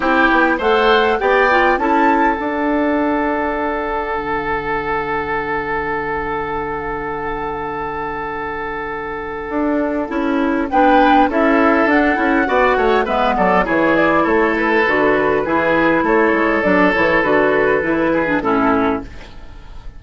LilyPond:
<<
  \new Staff \with { instrumentName = "flute" } { \time 4/4 \tempo 4 = 101 g''4 fis''4 g''4 a''4 | fis''1~ | fis''1~ | fis''1~ |
fis''2 g''4 e''4 | fis''2 e''8 d''8 cis''8 d''8 | cis''8 b'2~ b'8 cis''4 | d''8 cis''8 b'2 a'4 | }
  \new Staff \with { instrumentName = "oboe" } { \time 4/4 g'4 c''4 d''4 a'4~ | a'1~ | a'1~ | a'1~ |
a'2 b'4 a'4~ | a'4 d''8 cis''8 b'8 a'8 gis'4 | a'2 gis'4 a'4~ | a'2~ a'8 gis'8 e'4 | }
  \new Staff \with { instrumentName = "clarinet" } { \time 4/4 e'4 a'4 g'8 f'8 e'4 | d'1~ | d'1~ | d'1~ |
d'4 e'4 d'4 e'4 | d'8 e'8 fis'4 b4 e'4~ | e'4 fis'4 e'2 | d'8 e'8 fis'4 e'8. d'16 cis'4 | }
  \new Staff \with { instrumentName = "bassoon" } { \time 4/4 c'8 b8 a4 b4 cis'4 | d'2. d4~ | d1~ | d1 |
d'4 cis'4 b4 cis'4 | d'8 cis'8 b8 a8 gis8 fis8 e4 | a4 d4 e4 a8 gis8 | fis8 e8 d4 e4 a,4 | }
>>